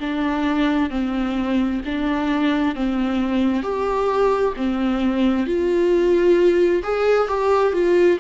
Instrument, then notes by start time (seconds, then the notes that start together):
viola
0.00 D4
0.90 C4
1.85 D4
2.76 C4
3.63 G4
4.56 C4
5.46 F4
6.83 G#4
7.28 G4
7.73 F4